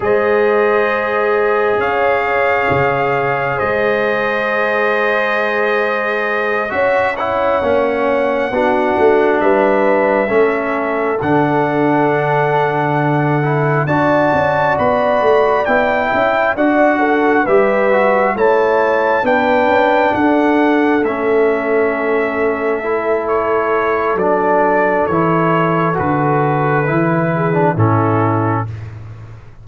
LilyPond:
<<
  \new Staff \with { instrumentName = "trumpet" } { \time 4/4 \tempo 4 = 67 dis''2 f''2 | dis''2.~ dis''8 e''8 | fis''2~ fis''8 e''4.~ | e''8 fis''2. a''8~ |
a''8 b''4 g''4 fis''4 e''8~ | e''8 a''4 g''4 fis''4 e''8~ | e''2 cis''4 d''4 | cis''4 b'2 a'4 | }
  \new Staff \with { instrumentName = "horn" } { \time 4/4 c''2 cis''2 | c''2.~ c''8 cis''8~ | cis''4. fis'4 b'4 a'8~ | a'2.~ a'8 d''8~ |
d''2 e''8 d''8 a'8 b'8~ | b'8 cis''4 b'4 a'4.~ | a'1~ | a'2~ a'8 gis'8 e'4 | }
  \new Staff \with { instrumentName = "trombone" } { \time 4/4 gis'1~ | gis'2.~ gis'8 fis'8 | e'8 cis'4 d'2 cis'8~ | cis'8 d'2~ d'8 e'8 fis'8~ |
fis'4. e'4 fis'4 g'8 | fis'8 e'4 d'2 cis'8~ | cis'4. e'4. d'4 | e'4 fis'4 e'8. d'16 cis'4 | }
  \new Staff \with { instrumentName = "tuba" } { \time 4/4 gis2 cis'4 cis4 | gis2.~ gis8 cis'8~ | cis'8 ais4 b8 a8 g4 a8~ | a8 d2. d'8 |
cis'8 b8 a8 b8 cis'8 d'4 g8~ | g8 a4 b8 cis'8 d'4 a8~ | a2. fis4 | e4 d4 e4 a,4 | }
>>